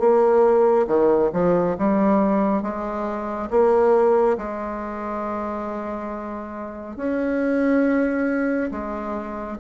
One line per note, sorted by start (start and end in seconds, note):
0.00 0.87 A#3
0.87 1.31 D#3
1.33 1.77 F3
1.79 2.63 G3
2.63 3.50 G#3
3.51 4.38 A#3
4.38 6.97 G#3
6.97 8.71 C#4
8.72 9.58 G#3